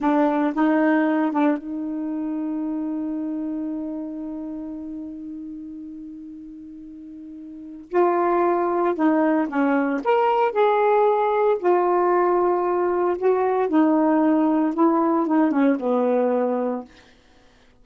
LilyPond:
\new Staff \with { instrumentName = "saxophone" } { \time 4/4 \tempo 4 = 114 d'4 dis'4. d'8 dis'4~ | dis'1~ | dis'1~ | dis'2. f'4~ |
f'4 dis'4 cis'4 ais'4 | gis'2 f'2~ | f'4 fis'4 dis'2 | e'4 dis'8 cis'8 b2 | }